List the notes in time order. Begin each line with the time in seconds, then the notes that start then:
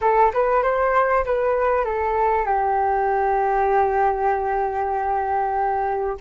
0.01 A4
0.33 B4
0.62 C5
1.25 B4
1.84 A4
2.45 G4